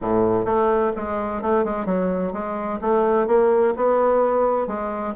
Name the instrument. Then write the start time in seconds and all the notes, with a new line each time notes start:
bassoon
0.01 A2
0.45 A3
0.96 G#3
1.41 A3
1.64 G#3
1.85 F#3
2.32 G#3
2.81 A3
3.27 A#3
3.76 B3
4.67 G#3